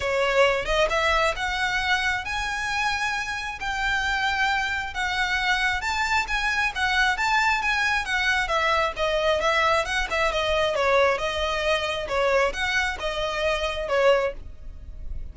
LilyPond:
\new Staff \with { instrumentName = "violin" } { \time 4/4 \tempo 4 = 134 cis''4. dis''8 e''4 fis''4~ | fis''4 gis''2. | g''2. fis''4~ | fis''4 a''4 gis''4 fis''4 |
a''4 gis''4 fis''4 e''4 | dis''4 e''4 fis''8 e''8 dis''4 | cis''4 dis''2 cis''4 | fis''4 dis''2 cis''4 | }